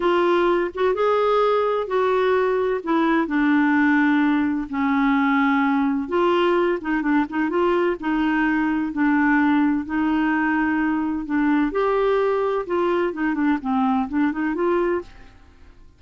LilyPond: \new Staff \with { instrumentName = "clarinet" } { \time 4/4 \tempo 4 = 128 f'4. fis'8 gis'2 | fis'2 e'4 d'4~ | d'2 cis'2~ | cis'4 f'4. dis'8 d'8 dis'8 |
f'4 dis'2 d'4~ | d'4 dis'2. | d'4 g'2 f'4 | dis'8 d'8 c'4 d'8 dis'8 f'4 | }